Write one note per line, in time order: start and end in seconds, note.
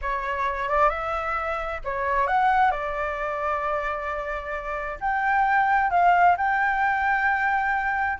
0.01 0.68 C#5
0.68 0.89 D5
0.89 1.80 E5
1.84 2.27 C#5
2.27 2.71 F#5
2.71 4.98 D5
5.00 5.90 G5
5.90 6.36 F5
6.37 8.19 G5